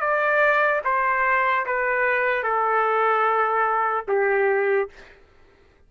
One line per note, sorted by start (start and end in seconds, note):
0.00 0.81 D5
0.84 1.65 C5
1.65 2.43 B4
2.43 4.05 A4
4.08 4.89 G4